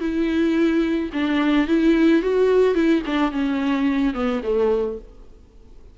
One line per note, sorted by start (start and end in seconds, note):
0.00 1.10 E4
1.13 1.67 D4
1.67 2.22 E4
2.22 2.74 F#4
2.74 3.02 E4
3.06 3.32 D4
3.32 4.14 C#4
4.14 4.42 B3
4.43 4.98 A3